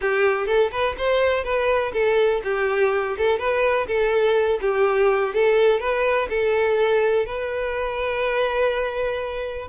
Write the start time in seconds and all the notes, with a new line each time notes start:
0.01 G4
0.46 A4
0.71 B4
0.97 C5
1.44 B4
1.93 A4
2.44 G4
3.17 A4
3.38 B4
3.87 A4
4.61 G4
5.34 A4
5.80 B4
6.29 A4
7.26 B4